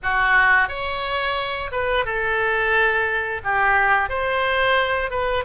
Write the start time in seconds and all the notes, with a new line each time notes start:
0.02 F#4
0.68 C#5
1.71 B4
2.05 A4
3.43 G4
4.09 C5
5.10 B4